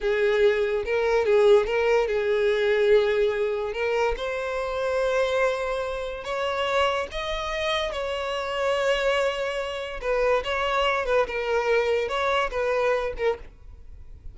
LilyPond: \new Staff \with { instrumentName = "violin" } { \time 4/4 \tempo 4 = 144 gis'2 ais'4 gis'4 | ais'4 gis'2.~ | gis'4 ais'4 c''2~ | c''2. cis''4~ |
cis''4 dis''2 cis''4~ | cis''1 | b'4 cis''4. b'8 ais'4~ | ais'4 cis''4 b'4. ais'8 | }